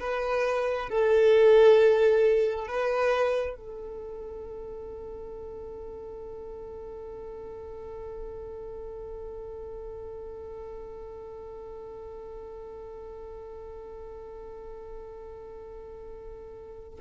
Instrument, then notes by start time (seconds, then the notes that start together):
violin
0.00 B4
0.90 A4
2.68 B4
3.57 A4